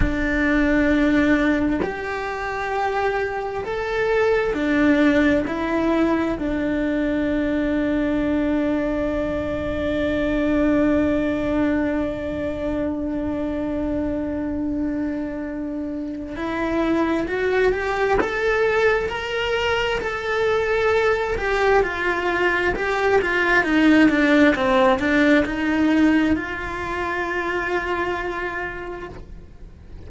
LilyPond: \new Staff \with { instrumentName = "cello" } { \time 4/4 \tempo 4 = 66 d'2 g'2 | a'4 d'4 e'4 d'4~ | d'1~ | d'1~ |
d'2 e'4 fis'8 g'8 | a'4 ais'4 a'4. g'8 | f'4 g'8 f'8 dis'8 d'8 c'8 d'8 | dis'4 f'2. | }